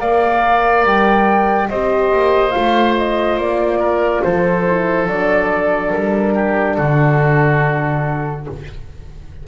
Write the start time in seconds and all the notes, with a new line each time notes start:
0.00 A#3 A#4 D5 F5
0.84 G3 G5
1.70 C4 G4 C5 D#5
2.13 A#3
2.51 A3 F4 F5
2.98 D#5
3.37 A#3 D5
3.79 A#4
4.23 F3 A4 C5
4.67 E4
5.08 F#3 D4 D5
5.90 G3 A#4
6.35 G4
6.74 D3 F#4 A4